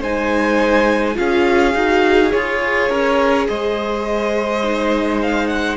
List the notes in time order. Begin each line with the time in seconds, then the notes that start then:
0.00 G#3 D#4 C5 G#5
1.14 C#4 F4 G#4 F5
1.74 D#4 F#4
2.32 F4 G#4 C#5
2.89 C#4 A#4
3.48 G#3 C5 D#5
4.63 D#4
5.22 F5
5.47 F#5